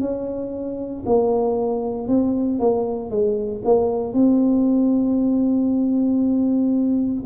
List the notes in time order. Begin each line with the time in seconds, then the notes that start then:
0.00 C#4
1.05 A#3
2.07 C4
2.59 A#3
3.10 G#3
3.64 A#3
4.13 C4